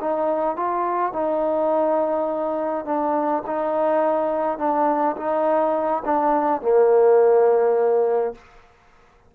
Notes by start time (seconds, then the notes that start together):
0.00 D#4
0.56 F4
1.13 D#4
2.85 D4
3.47 D#4
4.58 D4
5.17 D#4
6.05 D4
6.62 A#3